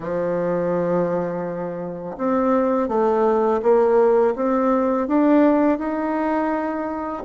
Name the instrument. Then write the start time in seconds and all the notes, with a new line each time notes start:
bassoon
0.00 F3
2.17 C4
2.88 A3
3.62 A#3
4.35 C4
5.07 D4
5.78 D#4